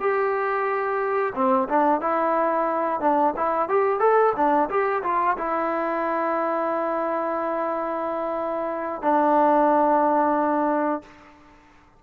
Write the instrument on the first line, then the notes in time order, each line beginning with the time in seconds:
trombone
0.00 G4
1.35 C4
1.69 D4
2.01 E4
3.01 D4
3.37 E4
3.69 G4
4.00 A4
4.36 D4
4.70 G4
5.04 F4
5.38 E4
9.02 D4